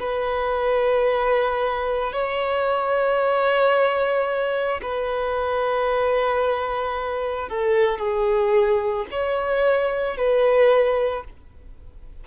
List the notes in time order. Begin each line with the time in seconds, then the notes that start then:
0.00 B4
2.13 C#5
4.82 B4
7.49 A4
7.99 G#4
9.11 C#5
10.17 B4